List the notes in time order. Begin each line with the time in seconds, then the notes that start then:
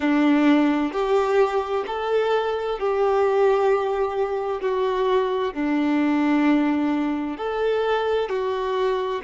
0.00 D4
0.92 G4
1.87 A4
2.79 G4
4.61 F#4
5.53 D4
7.37 A4
8.29 F#4